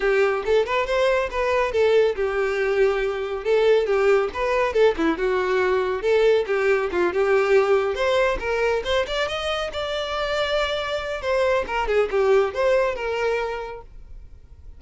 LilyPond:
\new Staff \with { instrumentName = "violin" } { \time 4/4 \tempo 4 = 139 g'4 a'8 b'8 c''4 b'4 | a'4 g'2. | a'4 g'4 b'4 a'8 e'8 | fis'2 a'4 g'4 |
f'8 g'2 c''4 ais'8~ | ais'8 c''8 d''8 dis''4 d''4.~ | d''2 c''4 ais'8 gis'8 | g'4 c''4 ais'2 | }